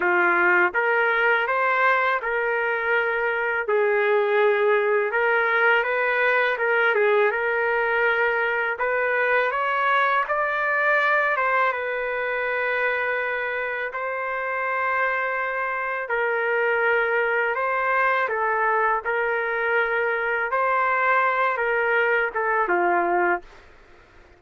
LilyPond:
\new Staff \with { instrumentName = "trumpet" } { \time 4/4 \tempo 4 = 82 f'4 ais'4 c''4 ais'4~ | ais'4 gis'2 ais'4 | b'4 ais'8 gis'8 ais'2 | b'4 cis''4 d''4. c''8 |
b'2. c''4~ | c''2 ais'2 | c''4 a'4 ais'2 | c''4. ais'4 a'8 f'4 | }